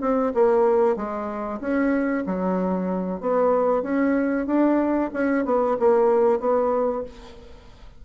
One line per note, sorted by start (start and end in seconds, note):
0.00 0.32 C4
0.34 0.96 A#3
0.96 1.60 G#3
1.60 2.24 C#4
2.26 3.20 F#3
3.20 3.82 B3
3.82 4.46 C#4
4.46 5.10 D4
5.13 5.45 C#4
5.45 5.77 B3
5.79 6.39 A#3
6.39 7.03 B3